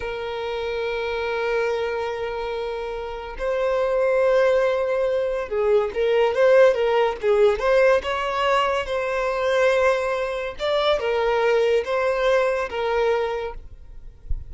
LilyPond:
\new Staff \with { instrumentName = "violin" } { \time 4/4 \tempo 4 = 142 ais'1~ | ais'1 | c''1~ | c''4 gis'4 ais'4 c''4 |
ais'4 gis'4 c''4 cis''4~ | cis''4 c''2.~ | c''4 d''4 ais'2 | c''2 ais'2 | }